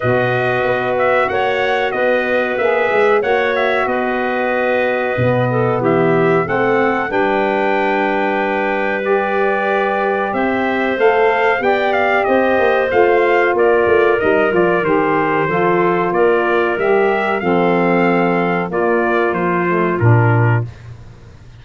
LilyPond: <<
  \new Staff \with { instrumentName = "trumpet" } { \time 4/4 \tempo 4 = 93 dis''4. e''8 fis''4 dis''4 | e''4 fis''8 e''8 dis''2~ | dis''4 e''4 fis''4 g''4~ | g''2 d''2 |
e''4 f''4 g''8 f''8 dis''4 | f''4 d''4 dis''8 d''8 c''4~ | c''4 d''4 e''4 f''4~ | f''4 d''4 c''4 ais'4 | }
  \new Staff \with { instrumentName = "clarinet" } { \time 4/4 b'2 cis''4 b'4~ | b'4 cis''4 b'2~ | b'8 a'8 g'4 a'4 b'4~ | b'1 |
c''2 d''4 c''4~ | c''4 ais'2. | a'4 ais'2 a'4~ | a'4 f'2. | }
  \new Staff \with { instrumentName = "saxophone" } { \time 4/4 fis'1 | gis'4 fis'2. | b2 c'4 d'4~ | d'2 g'2~ |
g'4 a'4 g'2 | f'2 dis'8 f'8 g'4 | f'2 g'4 c'4~ | c'4 ais4. a8 d'4 | }
  \new Staff \with { instrumentName = "tuba" } { \time 4/4 b,4 b4 ais4 b4 | ais8 gis8 ais4 b2 | b,4 e4 a4 g4~ | g1 |
c'4 a4 b4 c'8 ais8 | a4 ais8 a8 g8 f8 dis4 | f4 ais4 g4 f4~ | f4 ais4 f4 ais,4 | }
>>